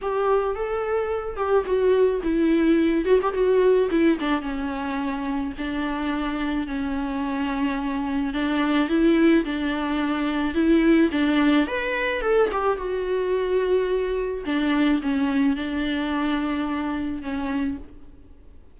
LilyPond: \new Staff \with { instrumentName = "viola" } { \time 4/4 \tempo 4 = 108 g'4 a'4. g'8 fis'4 | e'4. fis'16 g'16 fis'4 e'8 d'8 | cis'2 d'2 | cis'2. d'4 |
e'4 d'2 e'4 | d'4 b'4 a'8 g'8 fis'4~ | fis'2 d'4 cis'4 | d'2. cis'4 | }